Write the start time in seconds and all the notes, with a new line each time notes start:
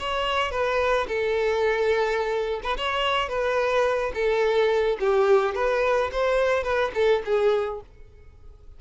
0.00 C#5
0.52 B4
1.08 A4
2.63 B4
2.78 C#5
3.29 B4
4.15 A4
5.00 G4
5.55 B4
6.12 C5
6.64 B4
6.95 A4
7.26 G#4